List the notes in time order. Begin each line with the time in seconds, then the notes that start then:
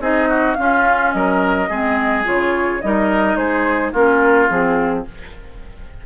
0.00 C4 D#4 G#4 D#5
0.29 F#4
0.54 C#4 F4 F5
1.11 F#3 A#4 D#5
1.69 G#3 C4 G#4
2.24 C#3 F4 C#5
2.81 G3 D#4 A#4 D#5
3.36 G#3 G#4 C5
3.92 A#3 C#4 F4 A#4
4.49 F3 C4 G#4